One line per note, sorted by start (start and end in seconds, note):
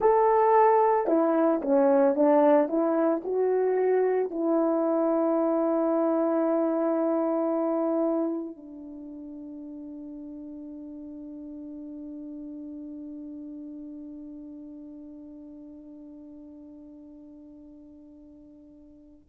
0.00 1.07 A4
1.07 1.60 E4
1.61 2.15 C#4
2.15 2.68 D4
2.68 3.21 E4
3.24 4.30 F#4
4.30 8.56 E4
8.56 19.27 D4